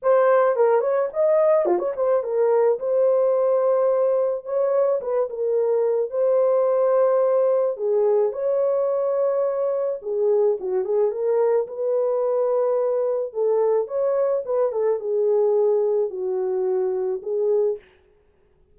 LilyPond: \new Staff \with { instrumentName = "horn" } { \time 4/4 \tempo 4 = 108 c''4 ais'8 cis''8 dis''4 f'16 cis''16 c''8 | ais'4 c''2. | cis''4 b'8 ais'4. c''4~ | c''2 gis'4 cis''4~ |
cis''2 gis'4 fis'8 gis'8 | ais'4 b'2. | a'4 cis''4 b'8 a'8 gis'4~ | gis'4 fis'2 gis'4 | }